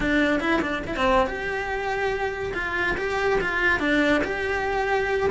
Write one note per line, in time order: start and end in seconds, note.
0.00 0.39 D4
0.39 0.60 E4
0.61 0.82 D4
0.86 0.96 E4
0.96 1.26 C4
1.26 2.53 G4
2.54 2.96 F4
2.97 3.39 G4
3.41 3.79 F4
3.79 4.22 D4
4.24 5.29 G4